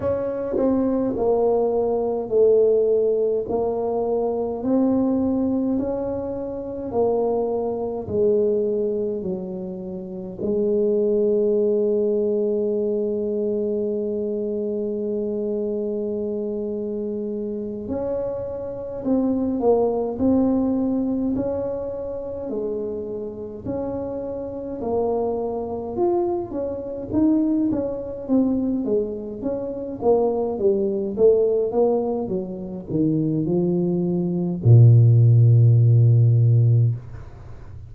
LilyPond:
\new Staff \with { instrumentName = "tuba" } { \time 4/4 \tempo 4 = 52 cis'8 c'8 ais4 a4 ais4 | c'4 cis'4 ais4 gis4 | fis4 gis2.~ | gis2.~ gis8 cis'8~ |
cis'8 c'8 ais8 c'4 cis'4 gis8~ | gis8 cis'4 ais4 f'8 cis'8 dis'8 | cis'8 c'8 gis8 cis'8 ais8 g8 a8 ais8 | fis8 dis8 f4 ais,2 | }